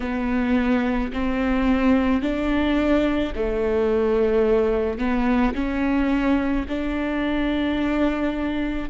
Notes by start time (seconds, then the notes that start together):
0.00 B3
1.12 C4
2.22 D4
3.35 A3
4.98 B3
5.54 C#4
6.68 D4